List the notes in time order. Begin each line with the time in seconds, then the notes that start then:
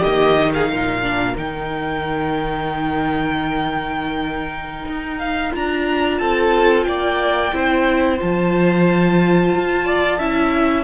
0.00 D#3 A#3 G4 D#5
0.39 D#4
0.54 G#4 F5
0.70 A#2 A#4
1.03 D4
1.35 D#3 D#4 G5
4.86 D#4
5.18 F5
5.51 D4 F4 A#5
6.18 C4 A4 A5
6.84 A#3 D5 G5
7.52 C4 E4 C5
8.18 F3 F4 A5
9.56 F4
9.85 D5
10.19 C#4 E4 E5